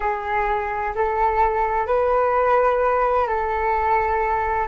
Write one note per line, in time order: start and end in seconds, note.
0.00 0.94 G#4
0.95 1.86 A4
1.86 3.27 B4
3.27 4.67 A4